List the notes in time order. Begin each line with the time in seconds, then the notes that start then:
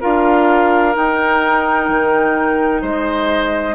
0.00 D4 F4 A#4 F5
0.93 D#4 G5
1.88 D#3
2.81 G#3 C5 D#5